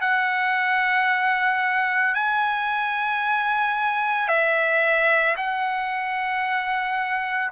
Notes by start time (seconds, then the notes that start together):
0.00 F#5
2.14 G#5
4.28 E5
5.36 F#5